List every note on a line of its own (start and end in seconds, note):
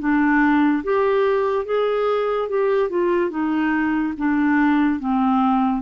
0.00 0.83 D4
0.84 1.66 G4
1.66 2.49 G#4
2.49 2.90 G4
2.90 3.30 F4
3.30 4.14 D#4
4.18 5.00 D4
5.00 5.82 C4